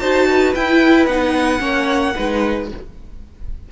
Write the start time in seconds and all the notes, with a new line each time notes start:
0.00 D#4 F#4 C5 A5
0.29 B4
0.55 E4 G5
1.06 B3 D#4 F#5
1.59 A#3 C#4 C#5
2.16 G#3 D#4 B4